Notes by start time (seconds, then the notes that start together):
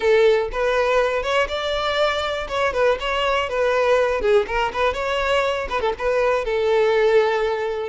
0.00 A4
0.52 B4
1.22 C#5
1.48 D5
2.48 C#5
2.73 B4
3.00 C#5
3.49 B4
4.21 G#4
4.47 A#4
4.73 B4
4.93 C#5
5.69 B4
5.80 A4
5.98 B4
6.44 A4